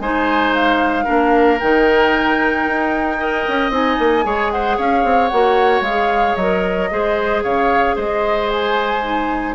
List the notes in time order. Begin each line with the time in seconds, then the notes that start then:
0.00 G#3 D#4 C5 G#5
0.54 F5
1.05 A#3 D4 A#4
1.60 D#3 D#4 G5
2.67 D#4
3.19 A#4 D#5
3.48 C#4
3.70 C4 D#4 G#5
3.99 A#3
4.23 G#3 G#4 C#5
4.52 C5 F#5
4.77 C#4 C#5 F5
5.04 C4
5.28 A#3 F#4 F#5
5.81 G#3 F5
5.88 G#4
6.36 F#3 A#4 D#5
6.91 G#3 G#4 C5
7.44 C#3 C#5 F5
7.96 G#3 C5 D#5
8.50 G#5
9.03 D#4